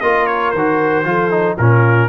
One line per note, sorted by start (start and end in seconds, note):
0.00 0.53 A#3
0.00 0.55 F4
0.00 1.07 A#4
0.00 0.26 D#5
0.26 0.50 C#5
0.50 1.04 D#3
0.50 1.54 C5
0.57 1.04 F#4
1.04 1.56 F3
1.04 1.30 F4
1.04 1.56 A4
1.30 1.57 D#4
1.56 2.08 A#2
1.56 2.08 C#4
1.56 2.08 F4
1.56 2.08 A#4